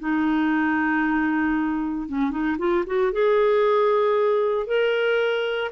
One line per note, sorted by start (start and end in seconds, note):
0.00 2.08 D#4
2.08 2.31 C#4
2.31 2.57 D#4
2.58 2.85 F4
2.87 3.13 F#4
3.13 4.67 G#4
4.67 5.71 A#4